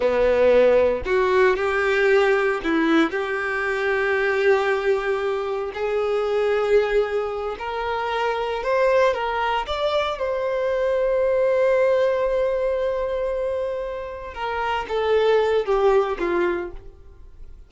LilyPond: \new Staff \with { instrumentName = "violin" } { \time 4/4 \tempo 4 = 115 b2 fis'4 g'4~ | g'4 e'4 g'2~ | g'2. gis'4~ | gis'2~ gis'8 ais'4.~ |
ais'8 c''4 ais'4 d''4 c''8~ | c''1~ | c''2.~ c''8 ais'8~ | ais'8 a'4. g'4 f'4 | }